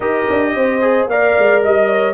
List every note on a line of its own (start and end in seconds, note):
0.00 0.26 D#4
0.00 0.81 G4
0.00 0.53 A#4
0.00 1.08 D#5
0.29 0.54 D4
0.54 1.06 C4
0.54 1.10 C5
0.81 1.08 G#4
1.06 1.33 A#3
1.06 2.13 A#4
1.06 1.62 D5
1.06 1.63 F5
1.38 1.63 G#3
1.62 2.13 G3
1.62 1.89 D#5
1.62 2.13 D#5
1.89 2.13 C#5